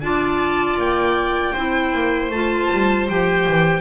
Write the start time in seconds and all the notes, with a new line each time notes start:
0.00 D4 F4 D5 A5
0.77 A#3 G5
1.53 C4 E4 C5
1.93 A#3
2.29 A3 F4 A5
2.72 G3
3.08 F3 G4 G5
3.48 E3